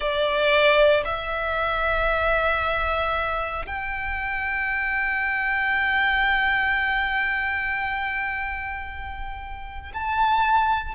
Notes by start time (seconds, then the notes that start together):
0.00 D5
1.04 E5
3.66 G5
9.93 A5